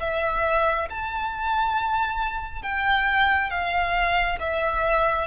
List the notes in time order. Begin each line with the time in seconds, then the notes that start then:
0.00 E5
0.89 A5
2.62 G5
3.50 F5
4.40 E5